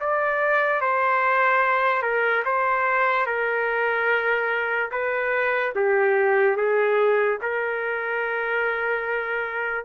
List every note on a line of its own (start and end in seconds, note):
0.00 0.81 D5
0.81 2.02 C5
2.02 2.44 A#4
2.45 3.26 C5
3.26 4.91 A#4
4.91 5.73 B4
5.75 6.56 G4
6.56 7.39 G#4
7.42 9.85 A#4